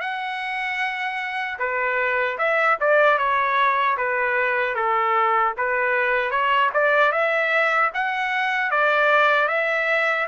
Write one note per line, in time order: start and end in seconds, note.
0.00 1.58 F#5
1.58 2.37 B4
2.38 2.77 E5
2.80 3.18 D5
3.18 3.97 C#5
3.97 4.75 B4
4.75 5.54 A4
5.57 6.31 B4
6.31 6.70 C#5
6.73 7.12 D5
7.12 7.91 E5
7.94 8.71 F#5
8.71 9.47 D5
9.47 10.26 E5